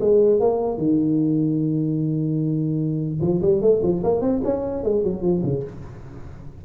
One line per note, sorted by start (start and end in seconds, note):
0.00 0.40 G#3
0.40 0.77 A#3
0.77 3.19 D#3
3.21 3.41 F3
3.41 3.61 G3
3.61 3.81 A3
3.82 4.02 F3
4.03 4.21 A#3
4.21 4.41 C4
4.44 4.83 C#4
4.83 5.03 G#3
5.03 5.22 F#3
5.22 5.42 F3
5.43 5.63 C#3